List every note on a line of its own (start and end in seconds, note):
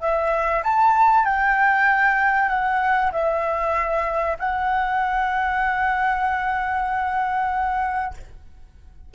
0.00 0.62 E5
0.64 1.25 A5
1.25 2.49 G5
2.49 3.11 F#5
3.12 4.37 E5
4.39 8.14 F#5